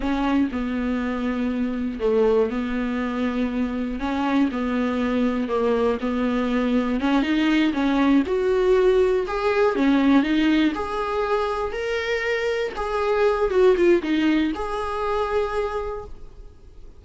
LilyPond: \new Staff \with { instrumentName = "viola" } { \time 4/4 \tempo 4 = 120 cis'4 b2. | a4 b2. | cis'4 b2 ais4 | b2 cis'8 dis'4 cis'8~ |
cis'8 fis'2 gis'4 cis'8~ | cis'8 dis'4 gis'2 ais'8~ | ais'4. gis'4. fis'8 f'8 | dis'4 gis'2. | }